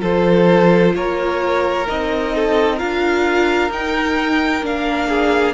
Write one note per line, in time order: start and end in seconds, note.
0.00 0.94 F3
0.00 1.85 F4
0.00 0.93 A4
0.00 0.95 C5
0.94 1.86 A#3
0.94 2.35 A#4
0.94 1.87 C#5
1.87 2.81 C4
1.87 2.78 D#4
1.87 2.78 D#5
2.35 2.76 A4
2.76 3.70 D4
2.76 3.70 F4
2.76 5.07 A#4
2.76 3.71 F5
3.70 4.62 D#4
3.70 4.65 G5
4.62 5.54 A#3
4.62 5.54 D4
4.62 5.54 F5
5.08 5.54 G#4